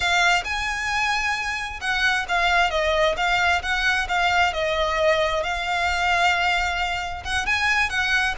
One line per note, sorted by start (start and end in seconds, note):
0.00 0.43 F5
0.44 1.79 G#5
1.80 2.26 F#5
2.28 2.70 F5
2.70 3.15 D#5
3.16 3.62 F5
3.62 4.07 F#5
4.08 4.53 F5
4.53 5.43 D#5
5.43 7.23 F5
7.24 7.46 F#5
7.46 7.89 G#5
7.89 8.34 F#5